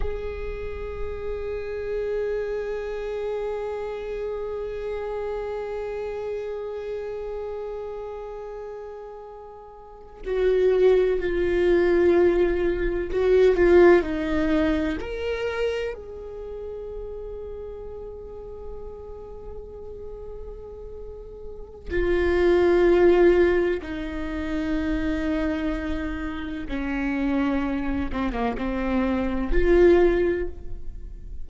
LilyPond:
\new Staff \with { instrumentName = "viola" } { \time 4/4 \tempo 4 = 63 gis'1~ | gis'1~ | gis'2~ gis'8. fis'4 f'16~ | f'4.~ f'16 fis'8 f'8 dis'4 ais'16~ |
ais'8. gis'2.~ gis'16~ | gis'2. f'4~ | f'4 dis'2. | cis'4. c'16 ais16 c'4 f'4 | }